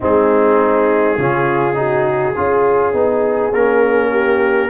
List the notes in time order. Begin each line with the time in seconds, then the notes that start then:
0.00 G#3 C4 D#4 G#4
1.17 C#3 C#4 F4
1.74 D#4 F#4
2.36 C#4 F4 G#4
2.93 B3 D#4
3.52 A#3 C#4 A#4
4.11 G4